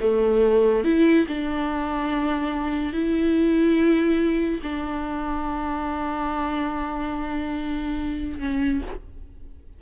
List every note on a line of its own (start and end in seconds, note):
0.00 0.84 A3
0.84 1.26 E4
1.27 2.92 D4
2.92 4.60 E4
4.63 8.39 D4
8.39 8.81 C#4